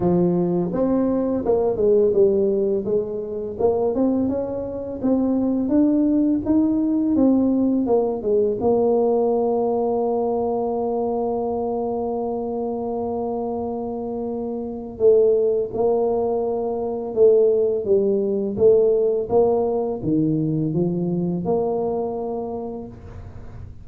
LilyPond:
\new Staff \with { instrumentName = "tuba" } { \time 4/4 \tempo 4 = 84 f4 c'4 ais8 gis8 g4 | gis4 ais8 c'8 cis'4 c'4 | d'4 dis'4 c'4 ais8 gis8 | ais1~ |
ais1~ | ais4 a4 ais2 | a4 g4 a4 ais4 | dis4 f4 ais2 | }